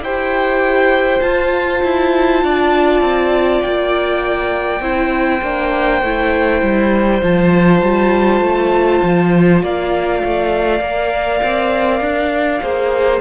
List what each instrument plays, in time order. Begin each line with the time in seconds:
0.00 cello E4, viola G4, violin C5 G5
1.21 viola F4, cello F4, violin A5
1.83 cello E4
2.43 cello D4, violin D5
3.00 cello C4
3.61 cello A#3, violin G5
4.80 cello C4, viola E4, violin C5
5.42 cello A#3, viola D4
6.02 cello A3, viola E4
6.62 cello G3
7.21 cello F3, viola F4, violin A5
7.82 cello G3
8.40 cello A3
9.03 cello F3
9.62 cello A#3, violin D5 F5
10.24 cello A3
10.80 cello A#3, viola A#4
11.43 cello C4
12.01 cello D4
12.62 cello A#3, viola G#4, violin C5